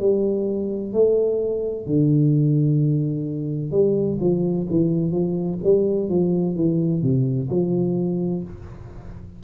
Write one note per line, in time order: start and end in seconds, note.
0.00 0.93 G3
0.93 1.87 A3
1.87 3.72 D3
3.72 4.18 G3
4.21 4.67 F3
4.70 5.12 E3
5.12 5.59 F3
5.64 6.09 G3
6.09 6.56 F3
6.56 7.03 E3
7.03 7.50 C3
7.50 8.44 F3